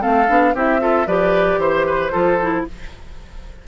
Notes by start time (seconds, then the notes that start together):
0.00 A3 C4 A4 F5
0.28 B3 D4
0.54 C4 E4 G4 E5
0.80 F4 A4
1.07 F3 G4 B4 D5
1.59 E3 C5
1.87 B4
2.12 F3 F4 A4
2.42 E4